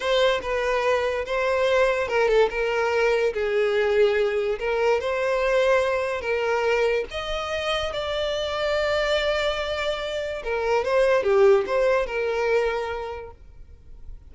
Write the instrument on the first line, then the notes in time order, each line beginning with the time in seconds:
violin
0.00 C5
0.42 B4
1.25 C5
2.07 A#4
2.28 A4
2.50 A#4
3.33 G#4
4.59 A#4
5.00 C5
6.21 A#4
7.11 D#5
7.92 D5
10.43 A#4
10.84 C5
11.23 G4
11.66 C5
12.06 A#4